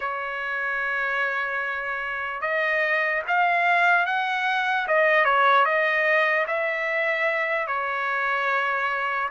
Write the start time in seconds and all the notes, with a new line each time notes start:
0.00 C#5
2.41 D#5
3.27 F5
4.05 F#5
4.87 D#5
5.24 C#5
5.65 D#5
6.47 E5
7.67 C#5